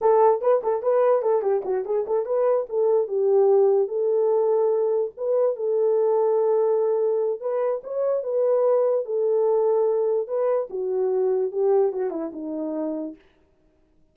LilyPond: \new Staff \with { instrumentName = "horn" } { \time 4/4 \tempo 4 = 146 a'4 b'8 a'8 b'4 a'8 g'8 | fis'8 gis'8 a'8 b'4 a'4 g'8~ | g'4. a'2~ a'8~ | a'8 b'4 a'2~ a'8~ |
a'2 b'4 cis''4 | b'2 a'2~ | a'4 b'4 fis'2 | g'4 fis'8 e'8 dis'2 | }